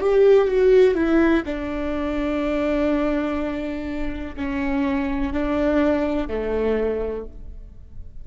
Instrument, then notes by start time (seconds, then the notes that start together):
viola
0.00 G4
0.48 F#4
0.94 E4
1.45 D4
4.35 C#4
5.33 D4
6.28 A3